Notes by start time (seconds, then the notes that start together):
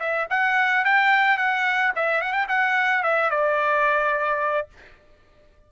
0.00 E5
0.30 F#5
0.85 G5
1.38 F#5
1.96 E5
2.22 F#5
2.33 G5
2.49 F#5
3.03 E5
3.31 D5